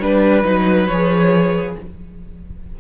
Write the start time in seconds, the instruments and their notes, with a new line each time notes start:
0.00 cello G3, viola D4, violin B4
0.44 cello F#3, viola D#4
0.87 cello F3, viola G#4, violin C#5